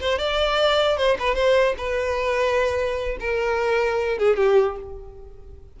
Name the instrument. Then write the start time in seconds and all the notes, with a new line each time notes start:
violin
0.00 C5
0.18 D5
0.97 C5
1.19 B4
1.34 C5
1.77 B4
3.20 A#4
4.18 G#4
4.36 G4